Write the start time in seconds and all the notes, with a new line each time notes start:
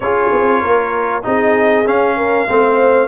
0.00 C#4 F4 G#4 C#5
0.32 C4
0.61 A#3 A#4
1.22 C4 D#4 G#4 D#5
1.85 C#4 F5
2.16 A#4
2.48 A3 C4 C5